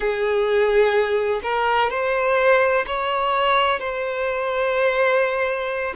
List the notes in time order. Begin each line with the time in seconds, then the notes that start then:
0.00 G#4
1.42 A#4
1.90 C5
2.86 C#5
3.79 C5